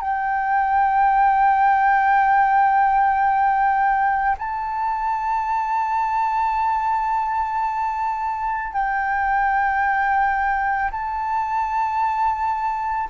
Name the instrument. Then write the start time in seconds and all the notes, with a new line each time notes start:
flute
0.00 G5
4.38 A5
8.72 G5
10.91 A5